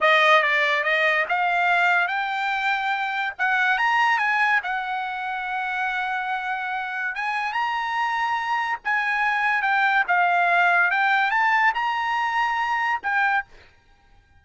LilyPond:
\new Staff \with { instrumentName = "trumpet" } { \time 4/4 \tempo 4 = 143 dis''4 d''4 dis''4 f''4~ | f''4 g''2. | fis''4 ais''4 gis''4 fis''4~ | fis''1~ |
fis''4 gis''4 ais''2~ | ais''4 gis''2 g''4 | f''2 g''4 a''4 | ais''2. g''4 | }